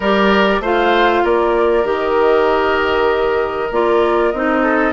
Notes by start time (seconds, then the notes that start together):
0.00 G3 G4 A#4 D5
0.60 A3 F4 C5 F5
1.24 A#3 A#4 D5
1.84 D#3 G4 D#5
3.71 A#3 F4 D5
4.31 C4 D#4 D#5
4.62 A4